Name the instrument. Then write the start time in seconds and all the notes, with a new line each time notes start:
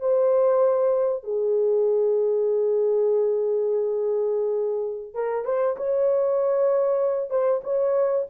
horn
0.00 C5
1.24 G#4
5.14 A#4
5.45 C5
5.77 C#5
7.30 C5
7.63 C#5